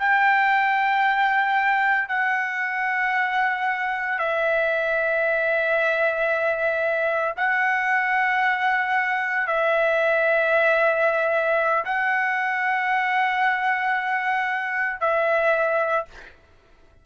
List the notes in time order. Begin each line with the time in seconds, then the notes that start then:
0.00 G5
2.09 F#5
4.19 E5
7.37 F#5
9.48 E5
11.85 F#5
15.00 E5